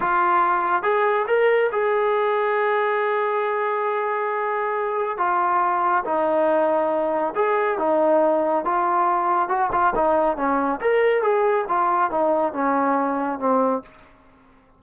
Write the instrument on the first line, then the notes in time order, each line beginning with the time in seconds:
trombone
0.00 F4
0.82 G#4
1.27 A#4
1.72 G#4
5.17 F4
6.04 D#4
7.35 G#4
7.78 D#4
8.64 F4
9.48 F#4
9.72 F4
9.95 D#4
10.37 C#4
10.80 A#4
11.22 G#4
11.68 F4
12.10 D#4
12.53 C#4
13.39 C4